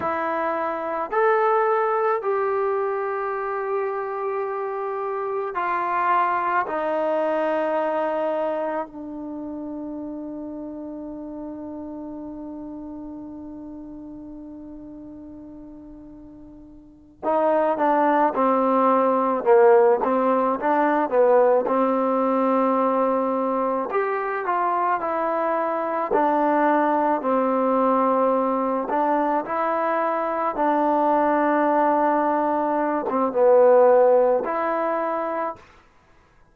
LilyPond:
\new Staff \with { instrumentName = "trombone" } { \time 4/4 \tempo 4 = 54 e'4 a'4 g'2~ | g'4 f'4 dis'2 | d'1~ | d'2.~ d'8 dis'8 |
d'8 c'4 ais8 c'8 d'8 b8 c'8~ | c'4. g'8 f'8 e'4 d'8~ | d'8 c'4. d'8 e'4 d'8~ | d'4.~ d'16 c'16 b4 e'4 | }